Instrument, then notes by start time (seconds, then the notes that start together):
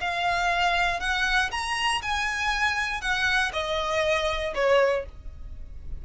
violin
0.00 F5
1.00 F#5
1.51 A#5
2.02 G#5
3.01 F#5
3.52 D#5
4.54 C#5